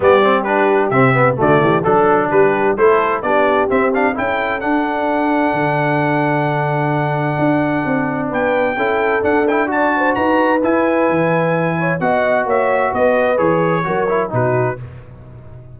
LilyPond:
<<
  \new Staff \with { instrumentName = "trumpet" } { \time 4/4 \tempo 4 = 130 d''4 b'4 e''4 d''4 | a'4 b'4 c''4 d''4 | e''8 f''8 g''4 fis''2~ | fis''1~ |
fis''2 g''2 | fis''8 g''8 a''4 ais''4 gis''4~ | gis''2 fis''4 e''4 | dis''4 cis''2 b'4 | }
  \new Staff \with { instrumentName = "horn" } { \time 4/4 g'2. fis'8 g'8 | a'4 g'4 a'4 g'4~ | g'4 a'2.~ | a'1~ |
a'2 b'4 a'4~ | a'4 d''8 c''8 b'2~ | b'4. cis''8 dis''4 cis''4 | b'2 ais'4 fis'4 | }
  \new Staff \with { instrumentName = "trombone" } { \time 4/4 b8 c'8 d'4 c'8 b8 a4 | d'2 e'4 d'4 | c'8 d'8 e'4 d'2~ | d'1~ |
d'2. e'4 | d'8 e'8 fis'2 e'4~ | e'2 fis'2~ | fis'4 gis'4 fis'8 e'8 dis'4 | }
  \new Staff \with { instrumentName = "tuba" } { \time 4/4 g2 c4 d8 e8 | fis4 g4 a4 b4 | c'4 cis'4 d'2 | d1 |
d'4 c'4 b4 cis'4 | d'2 dis'4 e'4 | e2 b4 ais4 | b4 e4 fis4 b,4 | }
>>